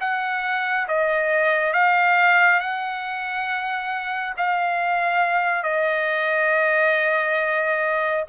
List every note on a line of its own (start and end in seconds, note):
0.00 0.87 F#5
0.88 1.73 D#5
1.73 2.60 F5
2.60 4.34 F#5
4.37 5.63 F5
5.63 8.24 D#5